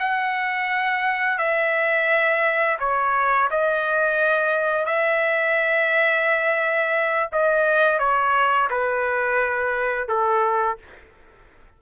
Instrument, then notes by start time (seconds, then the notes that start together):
trumpet
0.00 F#5
1.39 E5
2.80 C#5
3.51 D#5
4.86 E5
7.33 D#5
7.99 C#5
8.71 B4
10.09 A4